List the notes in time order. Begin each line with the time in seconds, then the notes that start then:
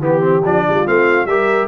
0.00 E3 B3 G4
0.21 C4
0.45 F3 D4 D5
0.67 G3 F4
0.86 A3 C4 F5
1.26 G3 G4 A#4 E5